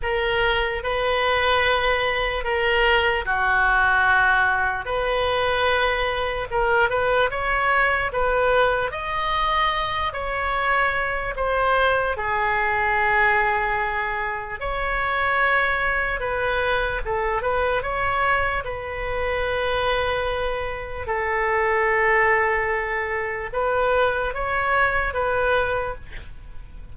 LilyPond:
\new Staff \with { instrumentName = "oboe" } { \time 4/4 \tempo 4 = 74 ais'4 b'2 ais'4 | fis'2 b'2 | ais'8 b'8 cis''4 b'4 dis''4~ | dis''8 cis''4. c''4 gis'4~ |
gis'2 cis''2 | b'4 a'8 b'8 cis''4 b'4~ | b'2 a'2~ | a'4 b'4 cis''4 b'4 | }